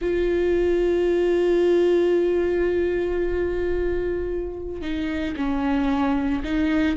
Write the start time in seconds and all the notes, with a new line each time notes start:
0.01 F4
4.81 D#4
5.36 C#4
6.44 D#4